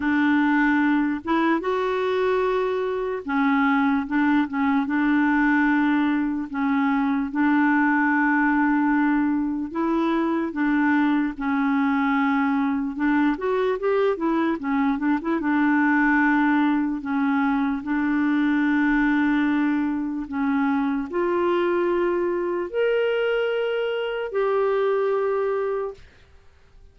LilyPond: \new Staff \with { instrumentName = "clarinet" } { \time 4/4 \tempo 4 = 74 d'4. e'8 fis'2 | cis'4 d'8 cis'8 d'2 | cis'4 d'2. | e'4 d'4 cis'2 |
d'8 fis'8 g'8 e'8 cis'8 d'16 e'16 d'4~ | d'4 cis'4 d'2~ | d'4 cis'4 f'2 | ais'2 g'2 | }